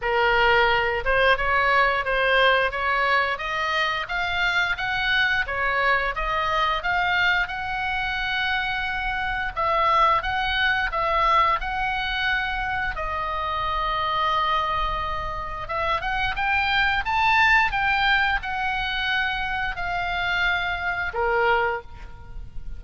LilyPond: \new Staff \with { instrumentName = "oboe" } { \time 4/4 \tempo 4 = 88 ais'4. c''8 cis''4 c''4 | cis''4 dis''4 f''4 fis''4 | cis''4 dis''4 f''4 fis''4~ | fis''2 e''4 fis''4 |
e''4 fis''2 dis''4~ | dis''2. e''8 fis''8 | g''4 a''4 g''4 fis''4~ | fis''4 f''2 ais'4 | }